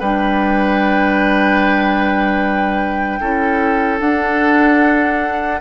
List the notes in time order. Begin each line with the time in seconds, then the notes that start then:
0.00 G3 D4 B4 G5
3.21 C#4 E4 A4
3.99 D4 F#5